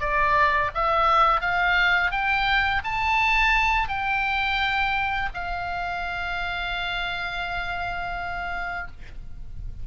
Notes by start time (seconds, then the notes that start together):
0.00 D5
0.74 E5
1.41 F5
2.11 G5
2.84 A5
3.88 G5
5.34 F5